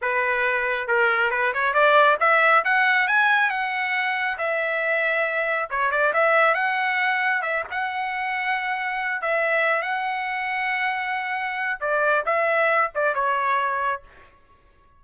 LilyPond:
\new Staff \with { instrumentName = "trumpet" } { \time 4/4 \tempo 4 = 137 b'2 ais'4 b'8 cis''8 | d''4 e''4 fis''4 gis''4 | fis''2 e''2~ | e''4 cis''8 d''8 e''4 fis''4~ |
fis''4 e''8 fis''2~ fis''8~ | fis''4 e''4. fis''4.~ | fis''2. d''4 | e''4. d''8 cis''2 | }